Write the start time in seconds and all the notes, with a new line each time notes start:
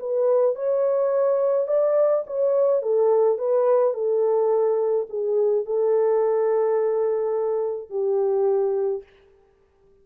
0.00 B4
0.56 C#5
1.68 D5
2.27 C#5
2.83 A4
3.39 B4
3.94 A4
5.10 G#4
5.66 A4
7.90 G4